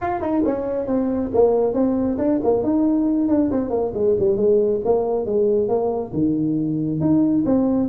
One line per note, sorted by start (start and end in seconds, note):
0.01 0.21 F4
0.21 0.42 D#4
0.45 0.87 C#4
0.87 1.30 C4
1.34 1.73 A#3
1.73 2.17 C4
2.18 2.39 D4
2.43 2.63 A#3
2.63 3.28 D#4
3.28 3.50 D4
3.51 3.70 C4
3.70 3.92 A#3
3.94 4.16 G#3
4.19 4.37 G3
4.37 4.80 G#3
4.84 5.25 A#3
5.25 5.68 G#3
5.68 6.12 A#3
6.13 7.00 D#3
7.00 7.44 D#4
7.45 7.89 C4